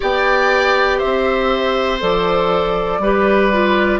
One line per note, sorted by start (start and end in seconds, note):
0.00 1.02 B3
0.00 2.00 G4
0.00 0.98 D5
0.00 0.99 G5
0.98 2.02 C4
0.98 2.98 C5
0.98 1.99 E5
2.00 2.98 F3
2.00 3.00 A4
2.00 3.99 D5
2.98 3.98 G3
2.98 3.51 G4
2.98 3.99 B4
3.51 3.99 F4